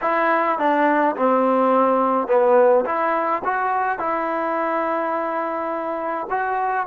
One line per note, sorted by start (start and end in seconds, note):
0.01 0.58 E4
0.58 1.15 D4
1.16 2.27 C4
2.27 2.84 B3
2.85 3.42 E4
3.44 3.98 F#4
3.98 6.27 E4
6.29 6.86 F#4